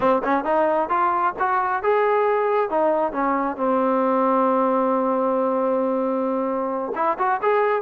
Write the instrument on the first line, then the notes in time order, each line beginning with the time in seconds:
trombone
0.00 C4
0.24 C#4
0.44 D#4
0.89 F4
1.39 F#4
1.82 G#4
2.69 D#4
3.12 C#4
3.56 C4
6.95 E4
7.18 F#4
7.41 G#4